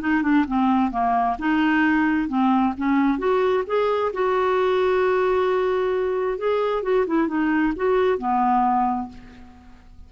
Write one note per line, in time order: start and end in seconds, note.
0.00 0.22 D#4
0.22 0.45 D4
0.47 0.91 C4
0.91 1.36 A#3
1.38 2.28 D#4
2.28 2.73 C4
2.77 3.18 C#4
3.18 3.63 F#4
3.66 4.12 G#4
4.13 6.38 F#4
6.38 6.82 G#4
6.82 7.05 F#4
7.07 7.27 E4
7.27 7.73 D#4
7.75 8.18 F#4
8.18 9.08 B3